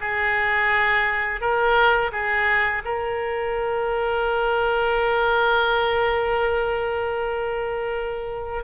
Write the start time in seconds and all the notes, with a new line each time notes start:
0.00 G#4
1.41 A#4
2.11 G#4
2.84 A#4